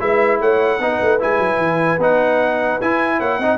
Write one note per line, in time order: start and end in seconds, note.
0.00 0.40 G#3
0.00 0.80 E4
0.00 0.41 B4
0.00 0.41 E5
0.40 0.80 A3
0.40 0.81 C#5
0.40 1.22 F#5
0.80 1.00 B3
0.80 1.20 D#4
0.80 3.19 B4
1.02 1.22 A3
1.20 1.39 G#3
1.20 2.00 E4
1.20 2.02 G#5
1.39 1.58 F#3
1.58 1.98 E3
1.99 2.79 B3
1.99 2.82 D#4
1.99 2.82 F#5
2.82 3.42 E4
2.82 3.20 E4
2.82 3.21 G#5
3.19 3.39 A#3
3.19 3.39 C#5
3.19 3.58 F#5
3.39 3.58 C4
3.39 3.58 D#4
3.39 3.58 D#5